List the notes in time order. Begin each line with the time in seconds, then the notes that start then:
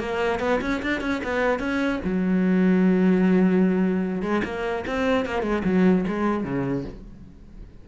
0.00 A#3
0.40 B3
0.62 C#4
0.83 D4
1.01 C#4
1.24 B3
1.60 C#4
2.05 F#3
4.22 G#3
4.45 A#3
4.87 C4
5.26 A#3
5.43 G#3
5.65 F#3
6.08 G#3
6.44 C#3